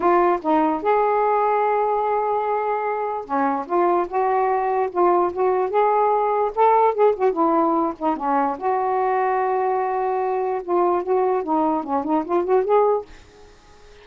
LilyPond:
\new Staff \with { instrumentName = "saxophone" } { \time 4/4 \tempo 4 = 147 f'4 dis'4 gis'2~ | gis'1 | cis'4 f'4 fis'2 | f'4 fis'4 gis'2 |
a'4 gis'8 fis'8 e'4. dis'8 | cis'4 fis'2.~ | fis'2 f'4 fis'4 | dis'4 cis'8 dis'8 f'8 fis'8 gis'4 | }